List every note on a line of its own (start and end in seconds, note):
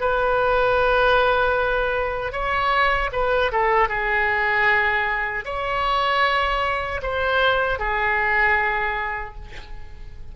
0.00 2.32 B4
2.32 3.10 C#5
3.12 3.51 B4
3.52 3.89 A4
3.89 5.44 G#4
5.45 7.01 C#5
7.02 7.79 C5
7.79 9.35 G#4